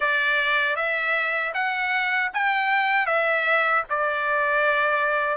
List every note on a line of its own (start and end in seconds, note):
0.00 0.76 D5
0.76 1.52 E5
1.53 2.30 F#5
2.33 3.06 G5
3.06 3.83 E5
3.89 5.37 D5